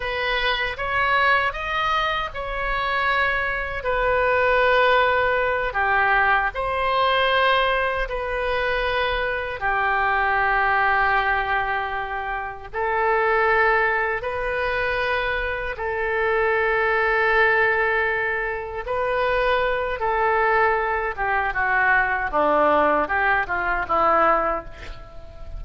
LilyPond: \new Staff \with { instrumentName = "oboe" } { \time 4/4 \tempo 4 = 78 b'4 cis''4 dis''4 cis''4~ | cis''4 b'2~ b'8 g'8~ | g'8 c''2 b'4.~ | b'8 g'2.~ g'8~ |
g'8 a'2 b'4.~ | b'8 a'2.~ a'8~ | a'8 b'4. a'4. g'8 | fis'4 d'4 g'8 f'8 e'4 | }